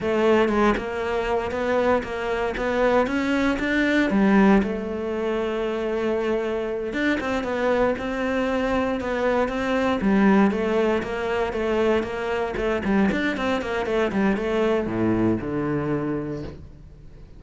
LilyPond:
\new Staff \with { instrumentName = "cello" } { \time 4/4 \tempo 4 = 117 a4 gis8 ais4. b4 | ais4 b4 cis'4 d'4 | g4 a2.~ | a4. d'8 c'8 b4 c'8~ |
c'4. b4 c'4 g8~ | g8 a4 ais4 a4 ais8~ | ais8 a8 g8 d'8 c'8 ais8 a8 g8 | a4 a,4 d2 | }